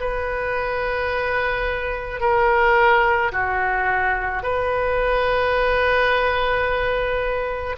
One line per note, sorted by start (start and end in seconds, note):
0.00 2.20 B4
2.20 3.31 A#4
3.32 4.43 F#4
4.43 7.76 B4